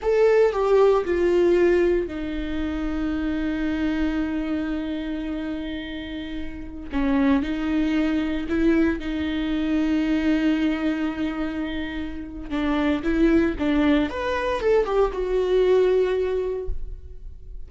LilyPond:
\new Staff \with { instrumentName = "viola" } { \time 4/4 \tempo 4 = 115 a'4 g'4 f'2 | dis'1~ | dis'1~ | dis'4~ dis'16 cis'4 dis'4.~ dis'16~ |
dis'16 e'4 dis'2~ dis'8.~ | dis'1 | d'4 e'4 d'4 b'4 | a'8 g'8 fis'2. | }